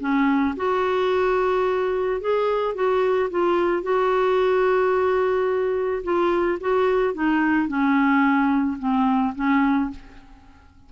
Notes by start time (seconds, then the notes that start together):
0.00 C#4
0.56 F#4
2.20 G#4
2.74 F#4
3.30 F4
3.83 F#4
6.03 F4
6.60 F#4
7.14 D#4
7.68 C#4
8.78 C4
9.35 C#4